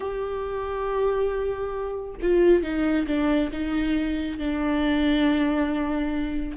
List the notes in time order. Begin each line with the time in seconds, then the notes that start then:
0.00 G4
2.22 F4
2.62 D#4
3.06 D4
3.52 D#4
4.38 D4